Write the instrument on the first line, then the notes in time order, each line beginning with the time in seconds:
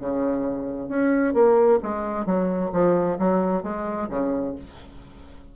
bassoon
0.00 C#3
0.89 C#4
1.34 A#3
1.83 G#3
2.26 F#3
2.73 F3
3.19 F#3
3.63 G#3
4.10 C#3